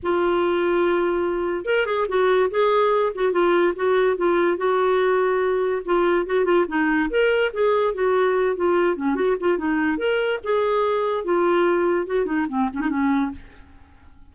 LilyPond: \new Staff \with { instrumentName = "clarinet" } { \time 4/4 \tempo 4 = 144 f'1 | ais'8 gis'8 fis'4 gis'4. fis'8 | f'4 fis'4 f'4 fis'4~ | fis'2 f'4 fis'8 f'8 |
dis'4 ais'4 gis'4 fis'4~ | fis'8 f'4 cis'8 fis'8 f'8 dis'4 | ais'4 gis'2 f'4~ | f'4 fis'8 dis'8 c'8 cis'16 dis'16 cis'4 | }